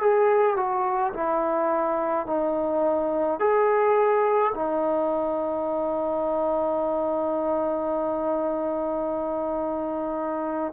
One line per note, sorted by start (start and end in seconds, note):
0.00 0.56 G#4
0.56 1.13 F#4
1.14 2.26 E4
2.26 3.39 D#4
3.40 4.53 G#4
4.54 10.73 D#4